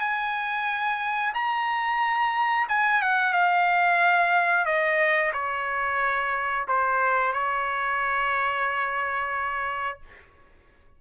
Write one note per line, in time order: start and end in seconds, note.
0.00 1.33 G#5
1.35 2.68 A#5
2.69 3.02 G#5
3.02 3.33 F#5
3.33 4.66 F5
4.66 5.32 D#5
5.34 6.67 C#5
6.68 7.33 C5
7.33 10.00 C#5